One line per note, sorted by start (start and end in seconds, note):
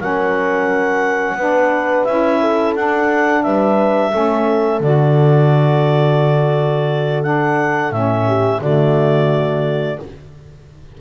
0.00 1.34 F#3
0.00 1.38 C#4
0.00 1.37 A#4
0.00 2.05 F#5
1.34 2.03 B3
1.34 2.07 D4
1.34 2.40 B4
2.05 2.75 C#4
2.05 2.77 E4
2.05 2.74 E5
2.40 3.44 A4
2.75 3.44 D4
2.75 4.12 D4
2.75 3.43 F#5
3.43 4.14 G3
3.43 4.11 B4
3.43 4.81 E5
4.11 4.80 A3
4.11 4.81 C#4
4.11 8.25 A4
4.80 7.91 D3
4.80 7.23 F#4
4.80 7.23 D5
7.23 7.92 D4
7.23 7.92 F#5
7.91 8.59 A2
7.91 8.60 C#4
7.91 8.61 E5
8.27 8.61 G4
8.60 9.99 D3
8.60 9.98 A3
8.60 9.99 F#4
8.60 10.01 D5